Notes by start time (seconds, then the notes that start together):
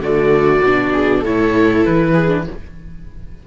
0.00 D3 A3 F#4 D5
0.63 B2 D4
0.93 G#4
1.19 A2 A4
1.25 E4 C#5
1.85 E3 B4
2.13 G#4
2.28 D4